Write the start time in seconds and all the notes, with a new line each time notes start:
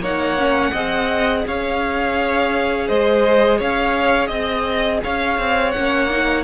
0.00 A#3 D#4 C#5 F#5
0.38 C#4
0.72 C4 G#4 D#5
1.47 C#4 C#5 F5
2.88 G#3 C5 D#5
3.58 C#4 C#5 F5
4.27 C4 D#5
5.03 C#4 C#5 F5
5.39 C4
5.72 C#4 F#5
5.78 A#3
6.10 D#4